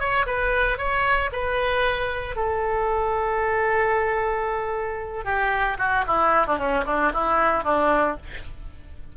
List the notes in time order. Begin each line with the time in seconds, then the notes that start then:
0.00 C#5
0.27 B4
0.78 C#5
1.33 B4
2.36 A4
5.25 G4
5.79 F#4
6.07 E4
6.47 D4
6.58 C#4
6.86 D4
7.13 E4
7.64 D4